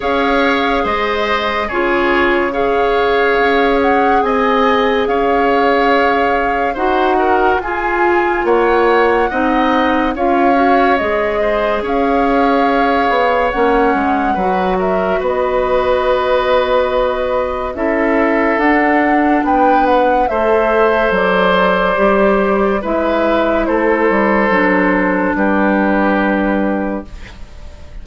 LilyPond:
<<
  \new Staff \with { instrumentName = "flute" } { \time 4/4 \tempo 4 = 71 f''4 dis''4 cis''4 f''4~ | f''8 fis''8 gis''4 f''2 | fis''4 gis''4 fis''2 | f''4 dis''4 f''2 |
fis''4. e''8 dis''2~ | dis''4 e''4 fis''4 g''8 fis''8 | e''4 d''2 e''4 | c''2 b'2 | }
  \new Staff \with { instrumentName = "oboe" } { \time 4/4 cis''4 c''4 gis'4 cis''4~ | cis''4 dis''4 cis''2 | c''8 ais'8 gis'4 cis''4 dis''4 | cis''4. c''8 cis''2~ |
cis''4 b'8 ais'8 b'2~ | b'4 a'2 b'4 | c''2. b'4 | a'2 g'2 | }
  \new Staff \with { instrumentName = "clarinet" } { \time 4/4 gis'2 f'4 gis'4~ | gis'1 | fis'4 f'2 dis'4 | f'8 fis'8 gis'2. |
cis'4 fis'2.~ | fis'4 e'4 d'2 | a'2 g'4 e'4~ | e'4 d'2. | }
  \new Staff \with { instrumentName = "bassoon" } { \time 4/4 cis'4 gis4 cis2 | cis'4 c'4 cis'2 | dis'4 f'4 ais4 c'4 | cis'4 gis4 cis'4. b8 |
ais8 gis8 fis4 b2~ | b4 cis'4 d'4 b4 | a4 fis4 g4 gis4 | a8 g8 fis4 g2 | }
>>